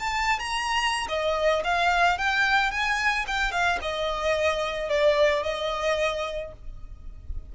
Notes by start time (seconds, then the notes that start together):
0.00 A5
0.39 A#5
1.09 D#5
1.65 F5
2.19 G5
2.71 G#5
3.28 G5
3.52 F5
3.82 D#5
4.90 D5
5.44 D#5